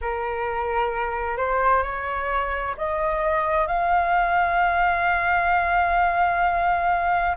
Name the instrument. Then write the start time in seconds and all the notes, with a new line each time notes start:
flute
0.01 A#4
1.37 C5
1.82 C#5
2.77 D#5
3.67 F5